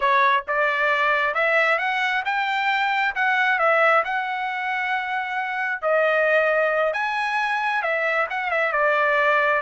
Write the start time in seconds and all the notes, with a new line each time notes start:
0.00 C#5
0.47 D5
1.34 E5
1.78 F#5
2.25 G5
3.15 F#5
3.58 E5
4.04 F#5
5.81 D#5
6.93 G#5
7.82 E5
8.30 F#5
8.50 E5
8.72 D5